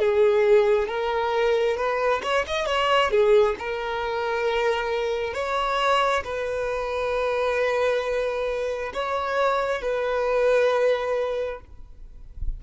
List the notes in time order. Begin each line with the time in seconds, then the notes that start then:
0.00 G#4
0.88 A#4
1.77 B4
2.23 C#5
2.47 D#5
2.67 C#5
3.11 G#4
3.59 A#4
5.34 C#5
6.24 B4
8.94 C#5
9.82 B4